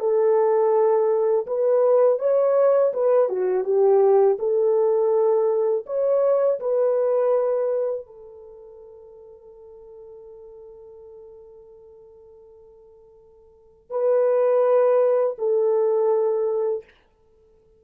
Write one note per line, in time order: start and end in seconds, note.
0.00 1.46 A4
1.47 2.19 B4
2.19 2.92 C#5
2.93 3.29 B4
3.29 3.64 F#4
3.64 4.37 G4
4.39 5.85 A4
5.86 6.60 C#5
6.60 8.07 B4
8.07 13.90 A4
13.90 15.37 B4
15.38 16.85 A4